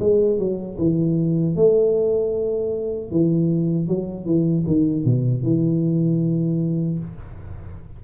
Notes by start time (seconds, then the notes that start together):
0.00 G#3
0.39 F#3
0.78 E3
1.56 A3
3.11 E3
3.88 F#3
4.26 E3
4.67 D#3
5.05 B2
5.43 E3